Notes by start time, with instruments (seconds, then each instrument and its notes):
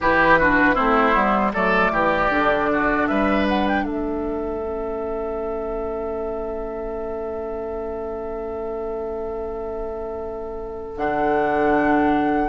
0.00 bassoon E3, clarinet E4, oboe G4, flute B4
0.39 clarinet D4, oboe F#4
0.75 bassoon A3, clarinet C4, oboe E4, flute C5
1.12 bassoon G3, clarinet B3
1.53 bassoon F#3, clarinet A3, oboe A4, flute D5
1.91 bassoon E3, oboe G4
2.29 bassoon D3, clarinet D4
2.72 oboe F#4
3.07 bassoon G3, oboe B4, flute E5
3.48 flute F#5
3.67 flute G5
3.84 bassoon A3, oboe A4, flute E5
4.62 clarinet C#4
10.96 bassoon D3, clarinet D4, flute F#5